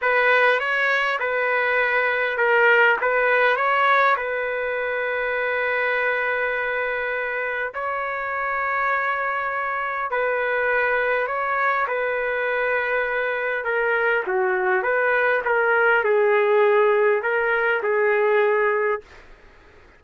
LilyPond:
\new Staff \with { instrumentName = "trumpet" } { \time 4/4 \tempo 4 = 101 b'4 cis''4 b'2 | ais'4 b'4 cis''4 b'4~ | b'1~ | b'4 cis''2.~ |
cis''4 b'2 cis''4 | b'2. ais'4 | fis'4 b'4 ais'4 gis'4~ | gis'4 ais'4 gis'2 | }